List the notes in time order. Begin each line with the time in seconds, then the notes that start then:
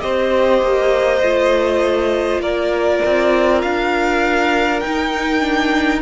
0.00 C4 G4 C5 D#5
0.61 A#3
1.22 A3 F4
2.39 A#3 A#4 D5
3.05 C4
3.61 D4 F5
4.80 D#4 G5
5.40 D4